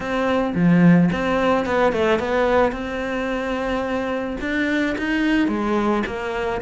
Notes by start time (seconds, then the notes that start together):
0.00 C4
0.55 F3
1.12 C4
1.65 B3
1.92 A3
2.19 B3
2.71 C4
4.40 D4
4.98 D#4
5.48 G#3
6.06 A#3